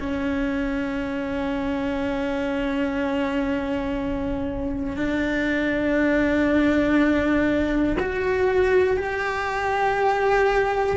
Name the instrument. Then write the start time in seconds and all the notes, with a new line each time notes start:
cello
0.00 C#4
4.97 D4
8.00 F#4
8.98 G4